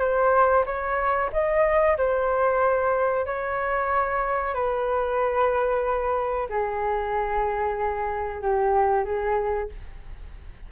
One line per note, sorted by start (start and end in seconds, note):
0.00 0.65 C5
0.66 1.30 C#5
1.33 1.97 D#5
1.98 3.26 C5
3.26 4.54 C#5
4.54 6.48 B4
6.50 8.42 G#4
8.42 9.05 G4
9.05 9.69 G#4